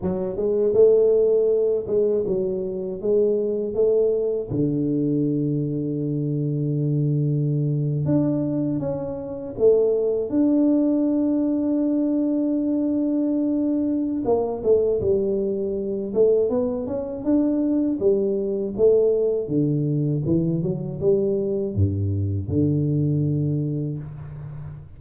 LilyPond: \new Staff \with { instrumentName = "tuba" } { \time 4/4 \tempo 4 = 80 fis8 gis8 a4. gis8 fis4 | gis4 a4 d2~ | d2~ d8. d'4 cis'16~ | cis'8. a4 d'2~ d'16~ |
d'2. ais8 a8 | g4. a8 b8 cis'8 d'4 | g4 a4 d4 e8 fis8 | g4 g,4 d2 | }